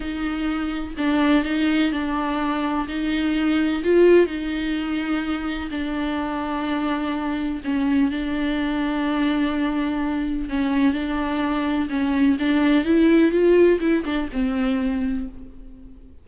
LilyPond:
\new Staff \with { instrumentName = "viola" } { \time 4/4 \tempo 4 = 126 dis'2 d'4 dis'4 | d'2 dis'2 | f'4 dis'2. | d'1 |
cis'4 d'2.~ | d'2 cis'4 d'4~ | d'4 cis'4 d'4 e'4 | f'4 e'8 d'8 c'2 | }